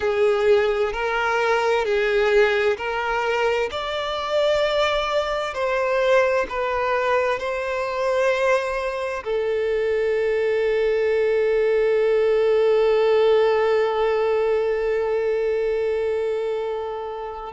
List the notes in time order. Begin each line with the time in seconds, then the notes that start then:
0.00 G#4
0.92 A#4
1.84 G#4
2.77 A#4
3.71 D5
5.54 C5
6.49 B4
7.38 C5
9.23 A4